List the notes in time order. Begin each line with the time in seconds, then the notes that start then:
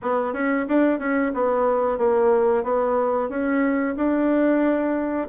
0.01 B3
0.33 C#4
0.67 D4
0.99 C#4
1.34 B3
1.98 A#3
2.63 B3
3.29 C#4
3.96 D4